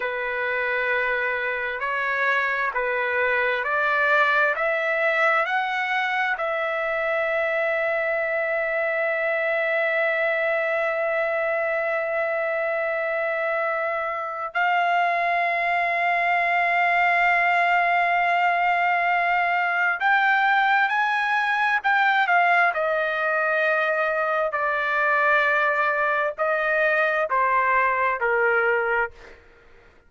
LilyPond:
\new Staff \with { instrumentName = "trumpet" } { \time 4/4 \tempo 4 = 66 b'2 cis''4 b'4 | d''4 e''4 fis''4 e''4~ | e''1~ | e''1 |
f''1~ | f''2 g''4 gis''4 | g''8 f''8 dis''2 d''4~ | d''4 dis''4 c''4 ais'4 | }